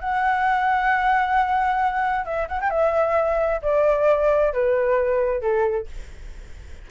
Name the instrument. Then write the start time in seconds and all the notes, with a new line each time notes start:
flute
0.00 F#5
2.25 E5
2.48 F#5
2.61 G5
2.70 E5
3.62 D5
4.53 B4
5.41 A4